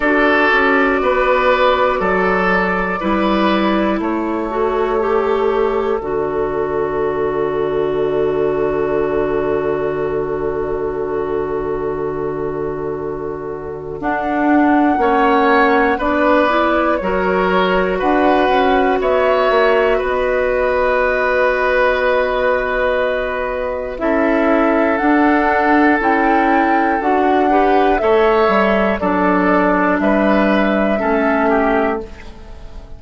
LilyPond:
<<
  \new Staff \with { instrumentName = "flute" } { \time 4/4 \tempo 4 = 60 d''1 | cis''2 d''2~ | d''1~ | d''2 fis''2 |
d''4 cis''4 fis''4 e''4 | dis''1 | e''4 fis''4 g''4 fis''4 | e''4 d''4 e''2 | }
  \new Staff \with { instrumentName = "oboe" } { \time 4/4 a'4 b'4 a'4 b'4 | a'1~ | a'1~ | a'2. cis''4 |
b'4 ais'4 b'4 cis''4 | b'1 | a'2.~ a'8 b'8 | cis''4 a'4 b'4 a'8 g'8 | }
  \new Staff \with { instrumentName = "clarinet" } { \time 4/4 fis'2. e'4~ | e'8 fis'8 g'4 fis'2~ | fis'1~ | fis'2 d'4 cis'4 |
d'8 e'8 fis'2.~ | fis'1 | e'4 d'4 e'4 fis'8 g'8 | a'4 d'2 cis'4 | }
  \new Staff \with { instrumentName = "bassoon" } { \time 4/4 d'8 cis'8 b4 fis4 g4 | a2 d2~ | d1~ | d2 d'4 ais4 |
b4 fis4 d'8 cis'8 b8 ais8 | b1 | cis'4 d'4 cis'4 d'4 | a8 g8 fis4 g4 a4 | }
>>